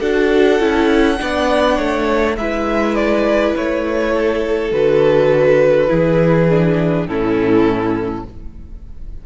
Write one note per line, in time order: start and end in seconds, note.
0.00 0.60 D4
0.00 0.60 F#4
0.00 1.18 A4
0.00 2.36 F#5
0.60 1.18 C#4
0.60 1.17 E4
1.17 1.79 B3
1.17 2.35 D4
1.17 1.76 D5
1.76 2.37 A3
1.76 2.35 C#5
2.37 3.54 G#3
2.37 4.72 E4
2.37 4.13 B4
2.37 2.95 E5
2.95 3.54 D5
3.56 4.72 A3
3.56 4.72 C#5
4.13 5.90 A4
4.72 5.89 D3
4.72 5.88 F#4
4.72 7.07 B4
5.88 7.07 E3
5.88 6.47 E4
5.88 7.09 G#4
6.50 7.08 D4
7.07 8.25 A2
7.07 8.26 C#4
7.07 8.26 E4
7.07 8.25 A4